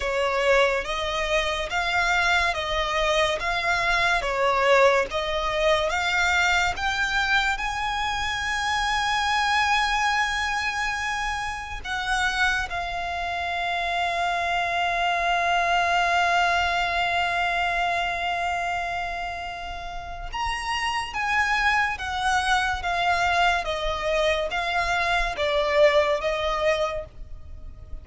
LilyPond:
\new Staff \with { instrumentName = "violin" } { \time 4/4 \tempo 4 = 71 cis''4 dis''4 f''4 dis''4 | f''4 cis''4 dis''4 f''4 | g''4 gis''2.~ | gis''2 fis''4 f''4~ |
f''1~ | f''1 | ais''4 gis''4 fis''4 f''4 | dis''4 f''4 d''4 dis''4 | }